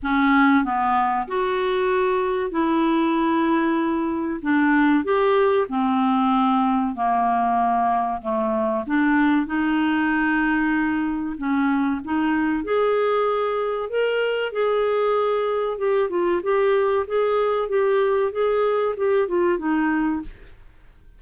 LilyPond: \new Staff \with { instrumentName = "clarinet" } { \time 4/4 \tempo 4 = 95 cis'4 b4 fis'2 | e'2. d'4 | g'4 c'2 ais4~ | ais4 a4 d'4 dis'4~ |
dis'2 cis'4 dis'4 | gis'2 ais'4 gis'4~ | gis'4 g'8 f'8 g'4 gis'4 | g'4 gis'4 g'8 f'8 dis'4 | }